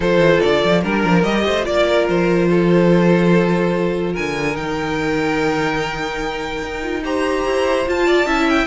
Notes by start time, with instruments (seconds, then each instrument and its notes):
0.00 cello F3, viola F4, violin A4 C5
0.18 cello E3
0.40 cello D3, violin D5
0.64 cello F3
0.81 cello G3, viola D4, violin A#4
1.04 cello F3
1.23 cello G3, viola G4, violin D#5
1.45 cello A3, violin C5
1.63 cello A#3, viola F4, violin D5
1.86 violin A#4
2.08 cello F3, violin C5
2.50 violin A4
4.12 cello D3, violin A#4 G#5
4.51 cello D#3, viola D#4, violin G5
6.62 cello D#4
6.81 viola F4
7.04 viola G4, violin C5 A#5
7.45 cello E4
7.85 viola F4, cello F4, violin A5
8.06 violin D5
8.25 cello C#4, viola E4, violin E5
8.49 violin G5